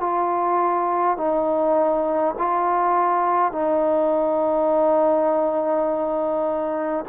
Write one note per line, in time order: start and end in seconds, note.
0.00 1.17 F4
1.17 2.35 D#4
2.38 3.52 F4
3.52 7.05 D#4